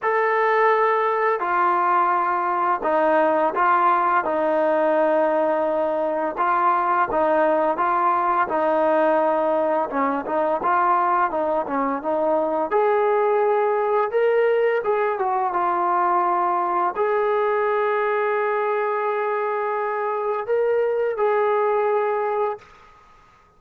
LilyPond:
\new Staff \with { instrumentName = "trombone" } { \time 4/4 \tempo 4 = 85 a'2 f'2 | dis'4 f'4 dis'2~ | dis'4 f'4 dis'4 f'4 | dis'2 cis'8 dis'8 f'4 |
dis'8 cis'8 dis'4 gis'2 | ais'4 gis'8 fis'8 f'2 | gis'1~ | gis'4 ais'4 gis'2 | }